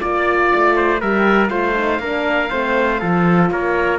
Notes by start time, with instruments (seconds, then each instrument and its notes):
0.00 cello A#3, horn F4, trumpet D5, oboe D5
0.54 cello A3
0.76 trumpet C5
1.01 cello G3, horn G4, trumpet A#4, oboe E5
1.48 cello A3, horn F4, trumpet C5, oboe F5
1.75 horn D#4
2.00 cello A#3, horn D4, trumpet A#4
2.50 cello A3, horn C4, trumpet C5
3.00 cello F3, horn F4, trumpet A4
3.51 cello A#3, trumpet A#4, oboe C#5